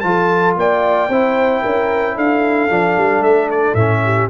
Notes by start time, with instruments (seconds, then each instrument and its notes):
0.00 tuba F3, trombone F4, horn A4, trumpet A5
0.57 tuba A#3, horn D5, trumpet G5
1.08 tuba C4, trombone E4, horn C5
1.62 tuba C#4, horn A#4
2.15 tuba D4, horn A4, trumpet F5
2.70 tuba F3, trombone D4
2.97 tuba G3
3.20 tuba A3, trumpet E5
3.50 trumpet D5
3.74 tuba A2, trombone C#4, trumpet E5
4.04 horn G4